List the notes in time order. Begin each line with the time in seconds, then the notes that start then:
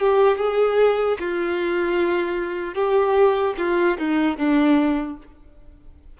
0.00 G4
0.37 G#4
1.19 F4
2.74 G4
3.57 F4
3.98 D#4
4.37 D4